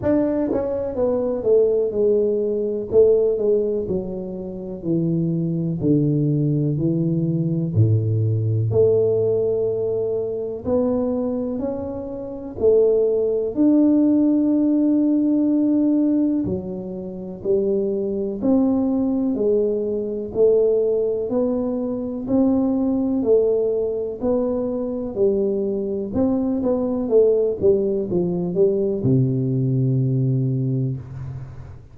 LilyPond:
\new Staff \with { instrumentName = "tuba" } { \time 4/4 \tempo 4 = 62 d'8 cis'8 b8 a8 gis4 a8 gis8 | fis4 e4 d4 e4 | a,4 a2 b4 | cis'4 a4 d'2~ |
d'4 fis4 g4 c'4 | gis4 a4 b4 c'4 | a4 b4 g4 c'8 b8 | a8 g8 f8 g8 c2 | }